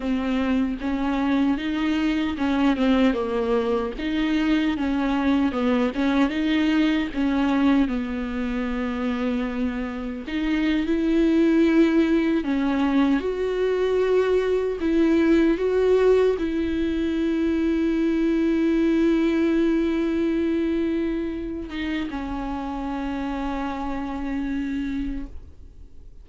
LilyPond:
\new Staff \with { instrumentName = "viola" } { \time 4/4 \tempo 4 = 76 c'4 cis'4 dis'4 cis'8 c'8 | ais4 dis'4 cis'4 b8 cis'8 | dis'4 cis'4 b2~ | b4 dis'8. e'2 cis'16~ |
cis'8. fis'2 e'4 fis'16~ | fis'8. e'2.~ e'16~ | e'2.~ e'8 dis'8 | cis'1 | }